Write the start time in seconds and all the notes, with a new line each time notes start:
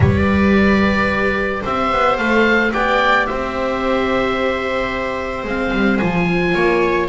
0.00 G3 G4 B4 D5
1.62 C4 C5 E5
1.92 B3
2.17 A3 A4 F5
2.72 B3 G4 D5 G5
3.26 C4 C5 E5
5.44 G#3 C4 F5
5.72 G3
5.97 F3 F4 G#5
6.54 A#3 C#5